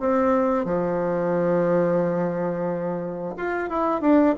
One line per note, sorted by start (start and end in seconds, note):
0.00 0.65 C4
0.65 3.35 F3
3.37 3.70 F4
3.70 4.01 E4
4.01 4.35 D4